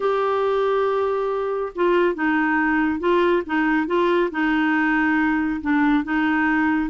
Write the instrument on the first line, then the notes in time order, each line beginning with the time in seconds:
clarinet
0.00 G4
1.75 F4
2.15 D#4
2.99 F4
3.46 D#4
3.86 F4
4.31 D#4
5.61 D4
6.03 D#4